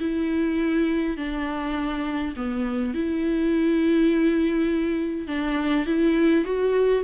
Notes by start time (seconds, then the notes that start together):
0.00 E4
1.17 D4
2.36 B3
2.94 E4
5.28 D4
5.86 E4
6.45 F#4